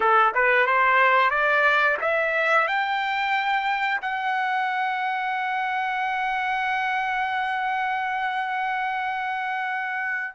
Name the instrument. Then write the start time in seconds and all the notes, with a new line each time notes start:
trumpet
0.00 A4
0.34 B4
0.66 C5
1.30 D5
2.01 E5
2.67 G5
4.02 F#5